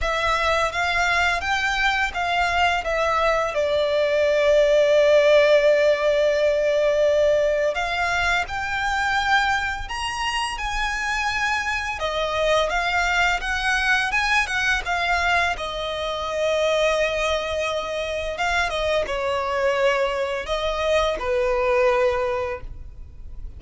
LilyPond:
\new Staff \with { instrumentName = "violin" } { \time 4/4 \tempo 4 = 85 e''4 f''4 g''4 f''4 | e''4 d''2.~ | d''2. f''4 | g''2 ais''4 gis''4~ |
gis''4 dis''4 f''4 fis''4 | gis''8 fis''8 f''4 dis''2~ | dis''2 f''8 dis''8 cis''4~ | cis''4 dis''4 b'2 | }